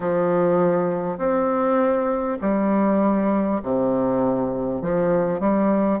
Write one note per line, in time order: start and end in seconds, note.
0.00 1.18 F3
1.18 2.38 C4
2.41 3.61 G3
3.63 4.81 C3
4.81 5.40 F3
5.40 6.00 G3